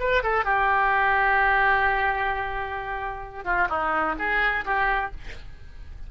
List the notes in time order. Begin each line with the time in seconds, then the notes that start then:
0.00 B4
0.23 A4
0.45 G4
3.45 F4
3.70 D#4
4.19 G#4
4.65 G4